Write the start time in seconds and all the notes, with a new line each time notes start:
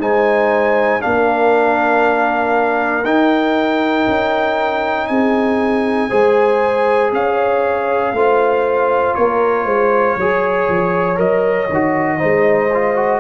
0.00 G#3 D#4 C5 G#5
1.01 A#3 D4 A#4 F5
3.05 D#4 G5
4.08 C#4
5.08 C4 G#4 G#5
6.10 G#3 G#4 C5
7.13 C#4 C#5 F5
8.13 A3 F4 C5
9.15 A#3 A#4 C#5
9.65 G#3 C5
10.17 F#3 G#4 C#5
10.69 F3
11.16 F#3 A#4 D#5
11.70 D#3 F#4
12.18 G#3 D#4 C5
12.74 F4
12.97 F#4